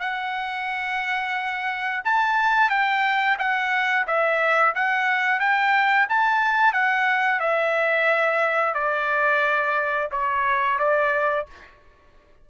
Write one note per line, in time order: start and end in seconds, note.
0.00 2.02 F#5
2.05 2.70 A5
2.70 3.37 G5
3.38 4.06 F#5
4.07 4.74 E5
4.75 5.40 F#5
5.40 6.07 G5
6.09 6.73 A5
6.73 7.40 F#5
7.40 8.74 E5
8.74 10.09 D5
10.12 10.79 C#5
10.79 11.46 D5